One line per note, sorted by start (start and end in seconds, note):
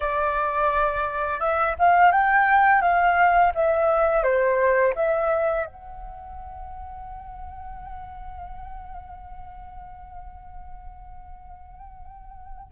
0.00 1.40 D5
1.40 1.75 E5
1.78 2.11 F5
2.11 2.81 G5
2.81 3.52 F5
3.55 4.23 E5
4.23 4.93 C5
4.95 5.66 E5
5.66 12.71 F#5